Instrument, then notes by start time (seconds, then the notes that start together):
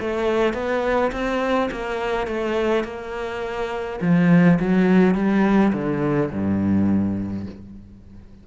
cello
0.00 A3
0.53 B3
1.12 C4
1.71 A#3
2.27 A3
2.84 A#3
4.01 F3
4.59 F#3
5.15 G3
5.73 D3
6.31 G2